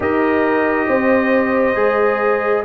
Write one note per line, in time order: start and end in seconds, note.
0.00 0.87 D#4
0.00 1.75 G4
0.00 0.88 A#4
0.00 2.65 D#5
0.87 1.75 C4
0.87 2.65 C5
1.75 2.63 G#3
1.75 2.63 G#4